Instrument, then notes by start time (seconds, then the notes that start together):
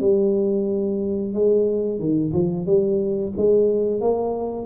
tuba
0.00 G3
1.34 G#3
1.99 D#3
2.33 F3
2.66 G3
3.37 G#3
4.01 A#3